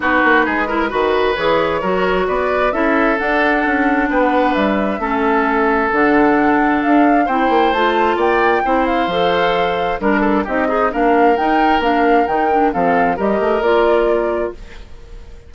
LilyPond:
<<
  \new Staff \with { instrumentName = "flute" } { \time 4/4 \tempo 4 = 132 b'2. cis''4~ | cis''4 d''4 e''4 fis''4~ | fis''4 g''16 fis''8. e''2~ | e''4 fis''2 f''4 |
g''4 a''4 g''4. f''8~ | f''2 ais'4 dis''4 | f''4 g''4 f''4 g''4 | f''4 dis''4 d''2 | }
  \new Staff \with { instrumentName = "oboe" } { \time 4/4 fis'4 gis'8 ais'8 b'2 | ais'4 b'4 a'2~ | a'4 b'2 a'4~ | a'1 |
c''2 d''4 c''4~ | c''2 ais'8 a'8 g'8 dis'8 | ais'1 | a'4 ais'2. | }
  \new Staff \with { instrumentName = "clarinet" } { \time 4/4 dis'4. e'8 fis'4 gis'4 | fis'2 e'4 d'4~ | d'2. cis'4~ | cis'4 d'2. |
e'4 f'2 e'4 | a'2 d'4 dis'8 gis'8 | d'4 dis'4 d'4 dis'8 d'8 | c'4 g'4 f'2 | }
  \new Staff \with { instrumentName = "bassoon" } { \time 4/4 b8 ais8 gis4 dis4 e4 | fis4 b4 cis'4 d'4 | cis'4 b4 g4 a4~ | a4 d2 d'4 |
c'8 ais8 a4 ais4 c'4 | f2 g4 c'4 | ais4 dis'4 ais4 dis4 | f4 g8 a8 ais2 | }
>>